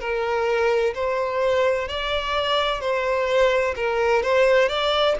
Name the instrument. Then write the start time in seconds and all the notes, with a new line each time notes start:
violin
0.00 A#4
0.95 C5
1.88 D5
2.80 C5
3.75 A#4
4.23 C5
4.68 D5